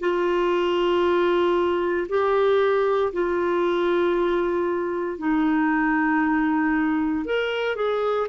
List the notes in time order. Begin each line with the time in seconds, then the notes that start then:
0.00 F4
2.08 G4
3.12 F4
5.18 D#4
7.25 A#4
7.75 G#4